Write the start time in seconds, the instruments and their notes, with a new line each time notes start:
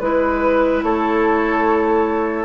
0.00 bassoon G#3, clarinet E4, flute B4, oboe B4
0.83 bassoon A3, oboe A4, flute C#5